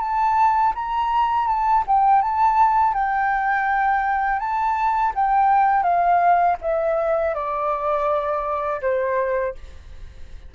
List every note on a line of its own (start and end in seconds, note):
0.00 0.73 A5
0.75 1.47 A#5
1.47 1.84 A5
1.87 2.22 G5
2.22 2.93 A5
2.93 4.39 G5
4.39 5.12 A5
5.15 5.83 G5
5.83 6.56 F5
6.61 7.34 E5
7.34 8.81 D5
8.81 9.54 C5